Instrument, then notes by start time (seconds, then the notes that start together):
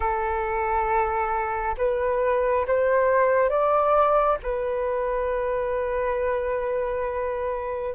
flute
0.00 A4
1.77 B4
2.67 C5
3.49 D5
4.42 B4